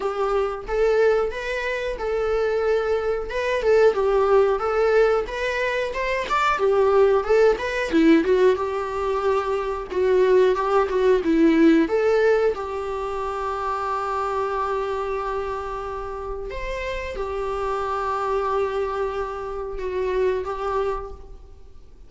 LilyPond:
\new Staff \with { instrumentName = "viola" } { \time 4/4 \tempo 4 = 91 g'4 a'4 b'4 a'4~ | a'4 b'8 a'8 g'4 a'4 | b'4 c''8 d''8 g'4 a'8 b'8 | e'8 fis'8 g'2 fis'4 |
g'8 fis'8 e'4 a'4 g'4~ | g'1~ | g'4 c''4 g'2~ | g'2 fis'4 g'4 | }